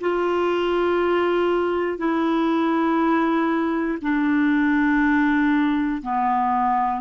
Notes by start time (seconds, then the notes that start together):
0.00 F4
1.98 E4
4.02 D4
6.02 B3